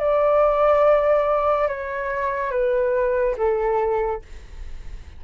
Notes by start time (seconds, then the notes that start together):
0.00 D5
1.69 C#5
2.51 B4
3.38 A4